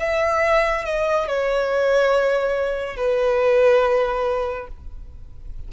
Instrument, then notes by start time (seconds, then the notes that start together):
violin
0.00 E5
0.85 D#5
1.28 C#5
2.96 B4